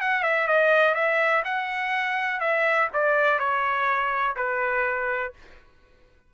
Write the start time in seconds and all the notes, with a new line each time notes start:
0.00 F#5
0.23 E5
0.47 D#5
0.94 E5
1.44 F#5
2.40 E5
2.93 D5
3.38 C#5
4.36 B4